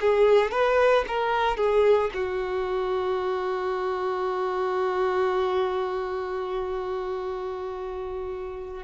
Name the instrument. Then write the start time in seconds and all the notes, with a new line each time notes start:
violin
0.00 G#4
0.51 B4
1.08 A#4
1.57 G#4
2.14 F#4